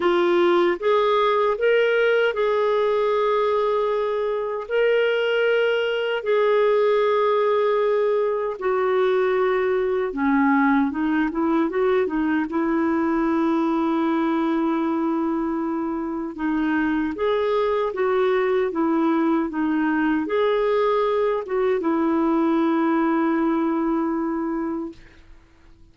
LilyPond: \new Staff \with { instrumentName = "clarinet" } { \time 4/4 \tempo 4 = 77 f'4 gis'4 ais'4 gis'4~ | gis'2 ais'2 | gis'2. fis'4~ | fis'4 cis'4 dis'8 e'8 fis'8 dis'8 |
e'1~ | e'4 dis'4 gis'4 fis'4 | e'4 dis'4 gis'4. fis'8 | e'1 | }